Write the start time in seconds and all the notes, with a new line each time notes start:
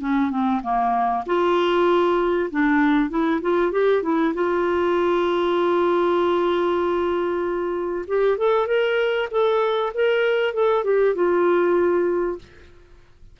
0.00 C#4
0.30 C4
0.62 A#3
1.26 F4
2.51 D4
3.10 E4
3.41 F4
3.71 G4
4.02 E4
4.34 F4
8.07 G4
8.38 A4
8.67 A#4
9.31 A4
9.94 A#4
10.54 A4
10.84 G4
11.15 F4